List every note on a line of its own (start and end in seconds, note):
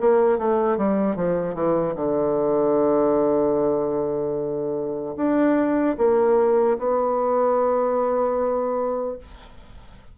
0.00 0.38 A#3
0.38 0.77 A3
0.77 1.15 G3
1.15 1.54 F3
1.54 1.94 E3
1.95 5.15 D3
5.16 5.96 D4
5.97 6.77 A#3
6.78 9.18 B3